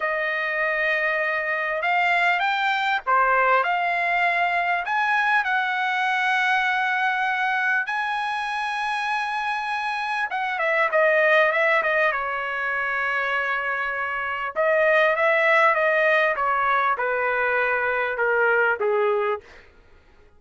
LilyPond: \new Staff \with { instrumentName = "trumpet" } { \time 4/4 \tempo 4 = 99 dis''2. f''4 | g''4 c''4 f''2 | gis''4 fis''2.~ | fis''4 gis''2.~ |
gis''4 fis''8 e''8 dis''4 e''8 dis''8 | cis''1 | dis''4 e''4 dis''4 cis''4 | b'2 ais'4 gis'4 | }